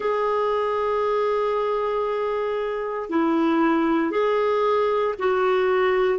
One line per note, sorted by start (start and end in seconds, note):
0.00 3.09 G#4
3.09 4.11 E4
4.11 5.14 G#4
5.18 6.19 F#4